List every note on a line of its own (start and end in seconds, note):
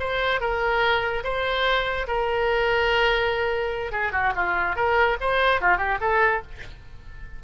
0.00 0.41 C5
0.41 1.24 A#4
1.24 2.07 C5
2.08 3.92 A#4
3.92 4.12 G#4
4.12 4.33 F#4
4.36 4.76 F4
4.76 5.17 A#4
5.21 5.61 C5
5.61 5.78 F4
5.78 5.98 G4
6.01 6.42 A4